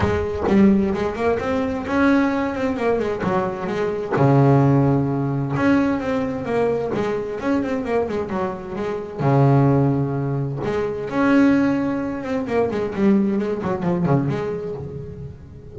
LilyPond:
\new Staff \with { instrumentName = "double bass" } { \time 4/4 \tempo 4 = 130 gis4 g4 gis8 ais8 c'4 | cis'4. c'8 ais8 gis8 fis4 | gis4 cis2. | cis'4 c'4 ais4 gis4 |
cis'8 c'8 ais8 gis8 fis4 gis4 | cis2. gis4 | cis'2~ cis'8 c'8 ais8 gis8 | g4 gis8 fis8 f8 cis8 gis4 | }